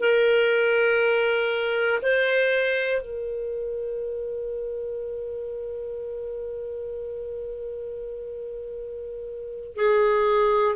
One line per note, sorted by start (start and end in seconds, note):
0.00 2.00 A#4
2.02 3.01 C5
3.01 9.75 A#4
9.75 10.75 G#4